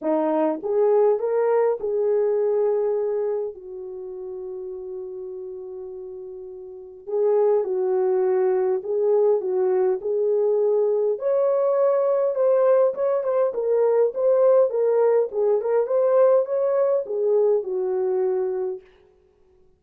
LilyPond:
\new Staff \with { instrumentName = "horn" } { \time 4/4 \tempo 4 = 102 dis'4 gis'4 ais'4 gis'4~ | gis'2 fis'2~ | fis'1 | gis'4 fis'2 gis'4 |
fis'4 gis'2 cis''4~ | cis''4 c''4 cis''8 c''8 ais'4 | c''4 ais'4 gis'8 ais'8 c''4 | cis''4 gis'4 fis'2 | }